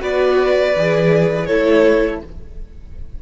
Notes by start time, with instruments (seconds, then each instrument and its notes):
0.00 cello B3, viola F#4, violin B4 D5
0.76 cello E3, viola G#4
1.46 cello A3, viola E4, violin A4 C#5